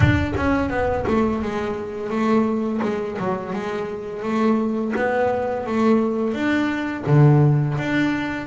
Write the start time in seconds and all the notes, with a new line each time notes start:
0.00 D4
0.36 C#4
0.69 B3
1.07 A3
1.42 G#3
2.10 A3
2.82 G#3
3.18 F#3
3.53 G#3
4.22 A3
4.95 B3
5.66 A3
6.33 D4
7.06 D3
7.78 D4